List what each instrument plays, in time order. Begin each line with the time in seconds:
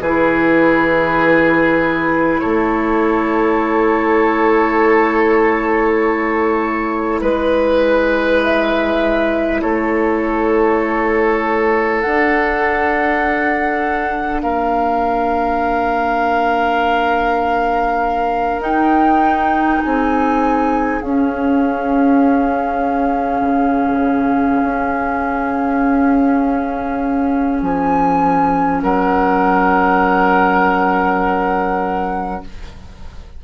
0.00 bassoon E3, clarinet E4, oboe G#4, flute B4
2.40 bassoon A3, oboe A4, flute C#5
7.21 bassoon G#3, oboe B4, flute B4
8.44 flute E5
9.61 bassoon A3, oboe A4, flute C#5
12.01 clarinet D4, bassoon D4, flute F#5
14.41 bassoon A#3, oboe A#4, flute F5
18.59 bassoon D#4, clarinet D#4, flute G5
19.82 bassoon C4, oboe G#4, flute G#5
21.01 bassoon C#4, clarinet C#4, flute F5
23.41 bassoon C#3
24.62 bassoon C#4
27.62 bassoon F3, flute G#5
28.82 bassoon F#3, oboe A#4, flute F#5